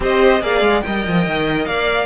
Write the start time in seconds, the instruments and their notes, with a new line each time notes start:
0.00 cello C4, viola G4, violin C5 D#5
0.41 cello A#3, viola G#4, violin D5 F5
0.60 cello G#3
0.81 cello G3, viola A#4, violin D#5 G5
1.07 cello F3
1.26 cello D#3
1.65 cello A#3, violin D5 F5